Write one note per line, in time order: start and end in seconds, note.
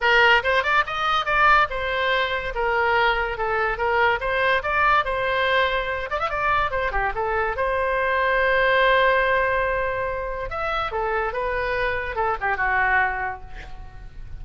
0.00 0.42 A#4
0.43 0.63 C5
0.63 0.84 D5
0.86 1.25 D#5
1.25 1.67 D5
1.69 2.53 C5
2.55 3.37 A#4
3.37 3.77 A4
3.77 4.19 A#4
4.20 4.62 C5
4.62 5.04 D5
5.04 6.09 C5
6.10 6.19 D5
6.19 6.29 E5
6.29 6.70 D5
6.70 6.91 C5
6.91 7.12 G4
7.14 7.56 A4
7.56 10.50 C5
10.50 10.91 E5
10.91 11.32 A4
11.32 12.15 B4
12.15 12.36 A4
12.41 12.56 G4
12.56 13.40 F#4